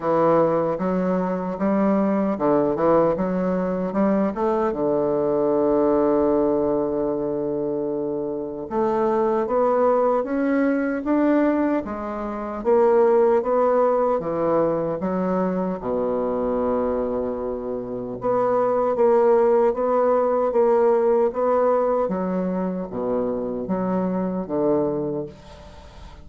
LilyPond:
\new Staff \with { instrumentName = "bassoon" } { \time 4/4 \tempo 4 = 76 e4 fis4 g4 d8 e8 | fis4 g8 a8 d2~ | d2. a4 | b4 cis'4 d'4 gis4 |
ais4 b4 e4 fis4 | b,2. b4 | ais4 b4 ais4 b4 | fis4 b,4 fis4 d4 | }